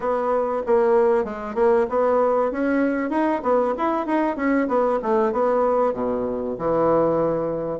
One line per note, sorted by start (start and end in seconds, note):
0.00 0.62 B3
0.66 1.24 A#3
1.24 1.55 G#3
1.55 1.86 A#3
1.89 2.51 B3
2.51 3.10 C#4
3.10 3.41 D#4
3.42 3.74 B3
3.77 4.06 E4
4.06 4.36 D#4
4.36 4.67 C#4
4.68 4.99 B3
5.02 5.32 A3
5.32 5.93 B3
5.93 6.56 B2
6.58 7.79 E3